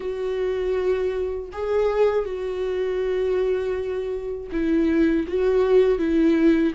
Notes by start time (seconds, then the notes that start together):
0.00 F#4
1.52 G#4
2.25 F#4
4.52 E4
5.27 F#4
5.98 E4